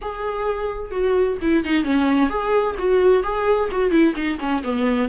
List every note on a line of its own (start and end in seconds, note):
0.01 0.91 G#4
0.91 1.37 F#4
1.41 1.64 E4
1.64 1.83 D#4
1.83 2.29 C#4
2.29 2.75 G#4
2.78 3.23 F#4
3.23 3.69 G#4
3.71 3.91 F#4
3.91 4.14 E4
4.15 4.38 D#4
4.39 4.62 C#4
4.63 5.08 B3